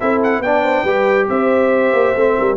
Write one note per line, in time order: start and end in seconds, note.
0.00 0.39 C4
0.00 0.44 E4
0.00 0.43 A4
0.00 0.22 E5
0.23 0.42 F#5
0.39 0.82 B3
0.39 0.87 D4
0.39 1.29 G5
0.46 0.64 D5
0.64 0.84 C5
0.84 1.28 G3
0.84 2.17 G4
0.84 1.27 B4
1.29 1.93 C4
1.29 2.37 C5
1.29 2.57 E5
1.93 2.15 A#3
2.15 2.37 A3
2.15 2.57 C4
2.38 2.57 G3
2.38 2.57 A#4